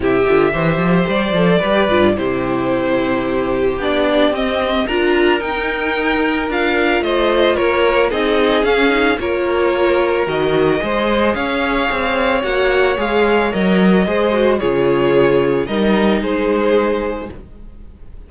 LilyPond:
<<
  \new Staff \with { instrumentName = "violin" } { \time 4/4 \tempo 4 = 111 e''2 d''2 | c''2. d''4 | dis''4 ais''4 g''2 | f''4 dis''4 cis''4 dis''4 |
f''4 cis''2 dis''4~ | dis''4 f''2 fis''4 | f''4 dis''2 cis''4~ | cis''4 dis''4 c''2 | }
  \new Staff \with { instrumentName = "violin" } { \time 4/4 g'4 c''2 b'4 | g'1~ | g'4 ais'2.~ | ais'4 c''4 ais'4 gis'4~ |
gis'4 ais'2. | c''4 cis''2.~ | cis''2 c''4 gis'4~ | gis'4 ais'4 gis'2 | }
  \new Staff \with { instrumentName = "viola" } { \time 4/4 e'8 f'8 g'4. a'8 g'8 f'8 | e'2. d'4 | c'4 f'4 dis'2 | f'2. dis'4 |
cis'8 dis'8 f'2 fis'4 | gis'2. fis'4 | gis'4 ais'4 gis'8 fis'8 f'4~ | f'4 dis'2. | }
  \new Staff \with { instrumentName = "cello" } { \time 4/4 c8 d8 e8 f8 g8 f8 g8 g,8 | c2. b4 | c'4 d'4 dis'2 | d'4 a4 ais4 c'4 |
cis'4 ais2 dis4 | gis4 cis'4 c'4 ais4 | gis4 fis4 gis4 cis4~ | cis4 g4 gis2 | }
>>